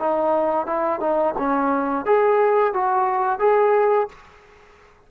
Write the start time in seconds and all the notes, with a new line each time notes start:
0.00 D#4
0.67 E4
1.00 D#4
1.38 C#4
2.06 G#4
2.74 F#4
3.39 G#4